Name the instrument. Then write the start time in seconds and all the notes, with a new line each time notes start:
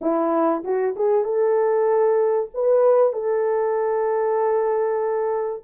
horn
0.01 E4
0.64 F#4
0.95 G#4
1.24 A4
2.54 B4
3.12 A4